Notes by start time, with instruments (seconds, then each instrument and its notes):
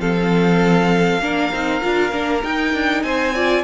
0.00 cello F3, viola C4, violin A4 F5
1.20 cello A#3, viola D4, violin A#4
1.52 cello C4, viola D#4
1.81 cello D4, viola F4
2.12 cello A#3, viola D4
2.43 viola D#4, cello D#4, violin G5
2.74 cello D4
3.03 cello C4, violin C5 G#5
3.35 viola F4, violin D5